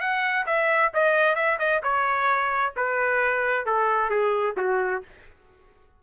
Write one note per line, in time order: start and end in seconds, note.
0.00 0.45 F#5
0.46 0.92 E5
0.93 1.35 D#5
1.35 1.58 E5
1.59 1.82 D#5
1.83 2.74 C#5
2.76 3.66 B4
3.66 4.10 A4
4.10 4.55 G#4
4.57 5.02 F#4